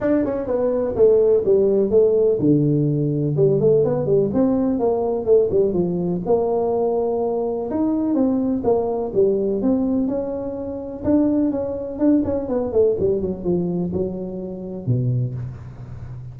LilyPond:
\new Staff \with { instrumentName = "tuba" } { \time 4/4 \tempo 4 = 125 d'8 cis'8 b4 a4 g4 | a4 d2 g8 a8 | b8 g8 c'4 ais4 a8 g8 | f4 ais2. |
dis'4 c'4 ais4 g4 | c'4 cis'2 d'4 | cis'4 d'8 cis'8 b8 a8 g8 fis8 | f4 fis2 b,4 | }